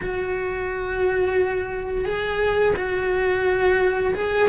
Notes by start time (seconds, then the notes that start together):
0.01 F#4
2.05 G#4
2.76 F#4
4.14 G#4